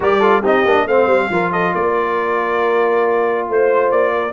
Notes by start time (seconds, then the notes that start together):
0.00 G3 G4 A#4 D5
0.19 F4 A4
0.41 C4 D#4 G4 D#5
0.65 A#3 D4
0.86 A3 C4 C5 F5
1.06 G3
1.30 F3 F4 A#4
1.52 A4 D#5
1.74 A#3 A#4 D5
3.48 A3 C5
3.91 A#3 D5
4.13 A#4